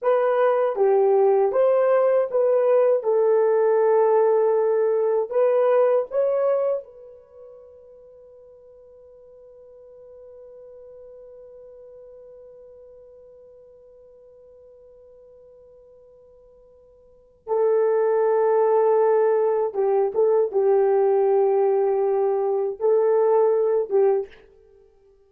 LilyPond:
\new Staff \with { instrumentName = "horn" } { \time 4/4 \tempo 4 = 79 b'4 g'4 c''4 b'4 | a'2. b'4 | cis''4 b'2.~ | b'1~ |
b'1~ | b'2. a'4~ | a'2 g'8 a'8 g'4~ | g'2 a'4. g'8 | }